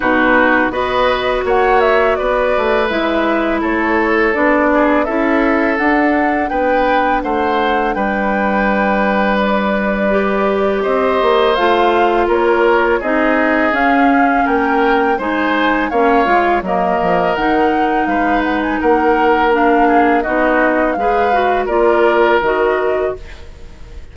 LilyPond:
<<
  \new Staff \with { instrumentName = "flute" } { \time 4/4 \tempo 4 = 83 b'4 dis''4 fis''8 e''8 d''4 | e''4 cis''4 d''4 e''4 | fis''4 g''4 fis''4 g''4~ | g''4 d''2 dis''4 |
f''4 cis''4 dis''4 f''4 | g''4 gis''4 f''4 dis''4 | fis''4 f''8 fis''16 gis''16 fis''4 f''4 | dis''4 f''4 d''4 dis''4 | }
  \new Staff \with { instrumentName = "oboe" } { \time 4/4 fis'4 b'4 cis''4 b'4~ | b'4 a'4. gis'8 a'4~ | a'4 b'4 c''4 b'4~ | b'2. c''4~ |
c''4 ais'4 gis'2 | ais'4 c''4 cis''4 ais'4~ | ais'4 b'4 ais'4. gis'8 | fis'4 b'4 ais'2 | }
  \new Staff \with { instrumentName = "clarinet" } { \time 4/4 dis'4 fis'2. | e'2 d'4 e'4 | d'1~ | d'2 g'2 |
f'2 dis'4 cis'4~ | cis'4 dis'4 cis'8 f'8 ais4 | dis'2. d'4 | dis'4 gis'8 fis'8 f'4 fis'4 | }
  \new Staff \with { instrumentName = "bassoon" } { \time 4/4 b,4 b4 ais4 b8 a8 | gis4 a4 b4 cis'4 | d'4 b4 a4 g4~ | g2. c'8 ais8 |
a4 ais4 c'4 cis'4 | ais4 gis4 ais8 gis8 fis8 f8 | dis4 gis4 ais2 | b4 gis4 ais4 dis4 | }
>>